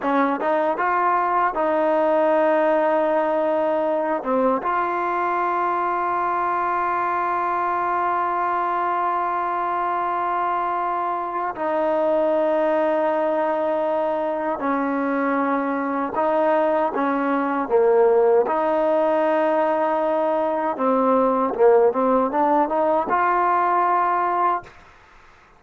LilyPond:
\new Staff \with { instrumentName = "trombone" } { \time 4/4 \tempo 4 = 78 cis'8 dis'8 f'4 dis'2~ | dis'4. c'8 f'2~ | f'1~ | f'2. dis'4~ |
dis'2. cis'4~ | cis'4 dis'4 cis'4 ais4 | dis'2. c'4 | ais8 c'8 d'8 dis'8 f'2 | }